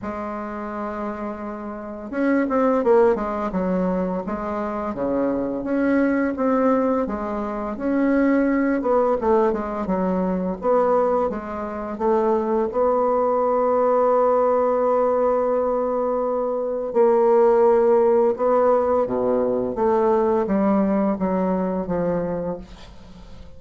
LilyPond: \new Staff \with { instrumentName = "bassoon" } { \time 4/4 \tempo 4 = 85 gis2. cis'8 c'8 | ais8 gis8 fis4 gis4 cis4 | cis'4 c'4 gis4 cis'4~ | cis'8 b8 a8 gis8 fis4 b4 |
gis4 a4 b2~ | b1 | ais2 b4 b,4 | a4 g4 fis4 f4 | }